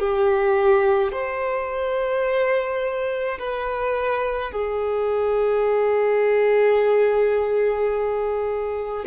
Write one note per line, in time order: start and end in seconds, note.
0.00 1.12 G4
1.12 3.39 C5
3.39 4.52 B4
4.52 9.05 G#4